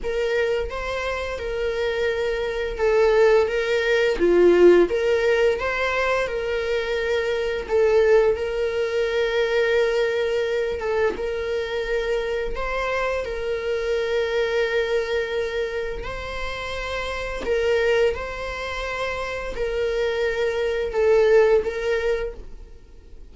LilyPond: \new Staff \with { instrumentName = "viola" } { \time 4/4 \tempo 4 = 86 ais'4 c''4 ais'2 | a'4 ais'4 f'4 ais'4 | c''4 ais'2 a'4 | ais'2.~ ais'8 a'8 |
ais'2 c''4 ais'4~ | ais'2. c''4~ | c''4 ais'4 c''2 | ais'2 a'4 ais'4 | }